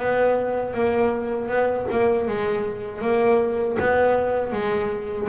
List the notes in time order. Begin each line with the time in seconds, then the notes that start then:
0.00 B3
0.74 A#3
1.49 B3
1.91 A#3
2.28 G#3
3.02 A#3
3.80 B3
4.53 G#3